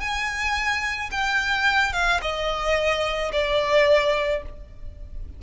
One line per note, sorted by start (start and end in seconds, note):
0.00 1.10 G#5
1.11 1.93 G5
1.93 2.20 F5
2.22 3.32 D#5
3.32 4.42 D5